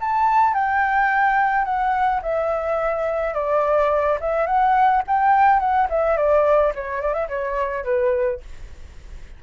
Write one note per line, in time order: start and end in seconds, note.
0.00 0.54 A5
0.54 1.64 G5
1.64 2.20 F#5
2.22 3.34 E5
3.34 4.18 D5
4.20 4.46 E5
4.46 5.02 F#5
5.07 5.59 G5
5.59 5.87 F#5
5.89 6.16 E5
6.16 6.72 D5
6.74 7.01 C#5
7.01 7.13 D5
7.13 7.27 E5
7.28 7.84 C#5
7.84 8.40 B4